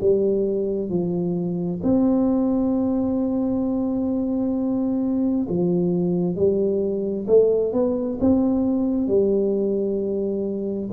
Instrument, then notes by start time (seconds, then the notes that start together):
tuba
0.00 G3
0.89 F3
1.83 C4
5.48 F3
6.35 G3
7.27 A3
7.73 B3
8.20 C4
9.07 G3